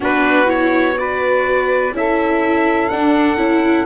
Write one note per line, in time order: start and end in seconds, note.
0.00 1.92 B3
0.00 0.45 D4
0.00 0.96 F#4
0.00 0.49 B4
0.45 0.94 E4
0.45 0.98 C#5
0.95 1.92 F#4
0.95 1.95 B4
0.95 1.94 D5
1.92 2.89 C#4
1.92 2.90 E4
1.92 3.85 A4
1.92 2.89 E5
2.89 3.36 D4
2.89 3.85 F#5
3.36 3.85 C#4
3.36 3.84 E4